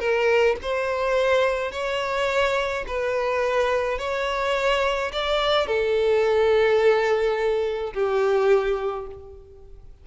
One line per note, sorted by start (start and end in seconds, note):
0.00 0.57 A#4
0.63 1.72 C5
1.72 2.86 C#5
2.88 3.99 B4
3.99 5.12 C#5
5.13 5.67 D5
5.67 7.93 A4
7.94 9.07 G4